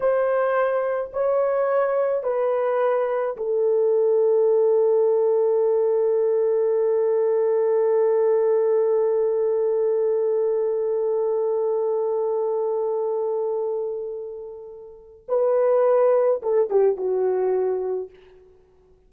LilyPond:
\new Staff \with { instrumentName = "horn" } { \time 4/4 \tempo 4 = 106 c''2 cis''2 | b'2 a'2~ | a'1~ | a'1~ |
a'1~ | a'1~ | a'2. b'4~ | b'4 a'8 g'8 fis'2 | }